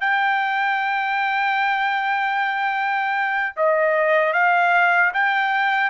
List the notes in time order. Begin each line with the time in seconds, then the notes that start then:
0.00 G5
3.56 D#5
4.33 F5
5.13 G5